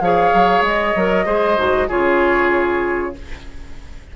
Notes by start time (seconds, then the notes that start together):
0.00 F3 G#4 C#5 F5
0.33 F#3
0.61 G#3 D#5
0.95 F#3 A#4
1.25 G#3 G#4 C5
1.57 G#2 F#4
1.88 C#3 F4 G#4 C#5